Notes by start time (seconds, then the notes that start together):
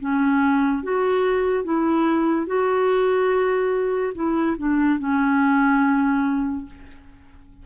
0.00 C#4
0.83 F#4
1.64 E4
2.47 F#4
4.15 E4
4.58 D4
5.00 C#4